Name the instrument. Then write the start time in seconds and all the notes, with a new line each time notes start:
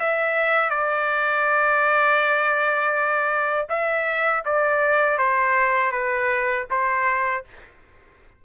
trumpet
0.00 E5
0.70 D5
3.69 E5
4.45 D5
5.19 C5
5.92 B4
6.71 C5